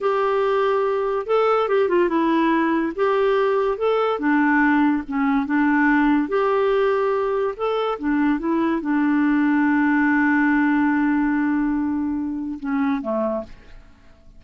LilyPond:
\new Staff \with { instrumentName = "clarinet" } { \time 4/4 \tempo 4 = 143 g'2. a'4 | g'8 f'8 e'2 g'4~ | g'4 a'4 d'2 | cis'4 d'2 g'4~ |
g'2 a'4 d'4 | e'4 d'2.~ | d'1~ | d'2 cis'4 a4 | }